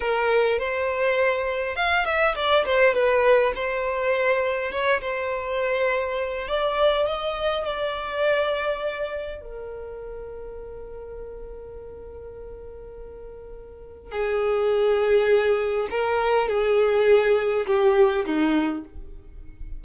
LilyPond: \new Staff \with { instrumentName = "violin" } { \time 4/4 \tempo 4 = 102 ais'4 c''2 f''8 e''8 | d''8 c''8 b'4 c''2 | cis''8 c''2~ c''8 d''4 | dis''4 d''2. |
ais'1~ | ais'1 | gis'2. ais'4 | gis'2 g'4 dis'4 | }